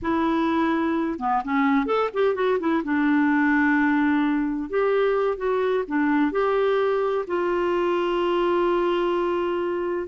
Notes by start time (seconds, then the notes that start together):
0.01 E4
1.19 B3
1.44 C#4
1.86 A4
2.13 G4
2.35 F#4
2.59 E4
2.84 D4
4.69 G4
5.37 F#4
5.87 D4
6.31 G4
7.27 F4